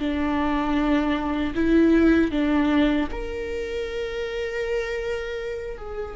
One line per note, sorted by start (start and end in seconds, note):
0.00 1.54 D4
1.55 2.31 E4
2.31 3.08 D4
3.11 5.78 A#4
5.78 6.16 G#4